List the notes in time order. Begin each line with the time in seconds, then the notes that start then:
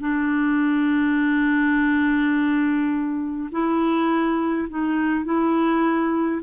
0.00 D4
3.52 E4
4.69 D#4
5.25 E4